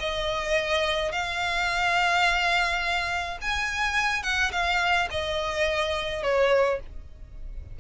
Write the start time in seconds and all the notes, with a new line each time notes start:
0.00 D#5
1.12 F5
3.42 G#5
4.23 F#5
4.52 F5
5.11 D#5
6.23 C#5